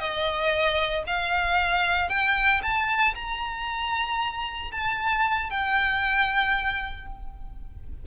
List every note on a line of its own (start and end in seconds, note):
0.00 1.04 D#5
1.07 2.10 F5
2.10 2.62 G5
2.63 3.15 A5
3.15 4.72 A#5
4.72 5.50 A5
5.50 7.07 G5